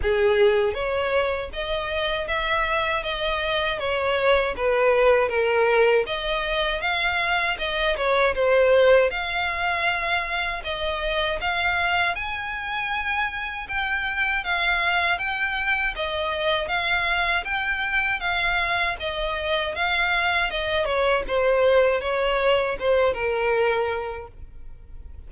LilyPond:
\new Staff \with { instrumentName = "violin" } { \time 4/4 \tempo 4 = 79 gis'4 cis''4 dis''4 e''4 | dis''4 cis''4 b'4 ais'4 | dis''4 f''4 dis''8 cis''8 c''4 | f''2 dis''4 f''4 |
gis''2 g''4 f''4 | g''4 dis''4 f''4 g''4 | f''4 dis''4 f''4 dis''8 cis''8 | c''4 cis''4 c''8 ais'4. | }